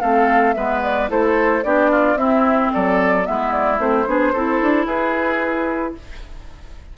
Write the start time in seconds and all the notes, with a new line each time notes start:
0.00 A3 C4 A4 F5
0.53 G#3 B3 B4 E5
0.82 D5
1.08 A3 E4 A4 C5
1.63 B3 D4 G4 D5
1.90 F4
2.15 C4 E4 E5
2.73 F#3 A4 D5
3.23 G#3 B3 E4 E5
3.52 D5
3.78 A3 C4 C5
4.06 B3 D4 G#4
4.33 C4 E4 A4
4.61 D4
4.86 E4 G#4 B4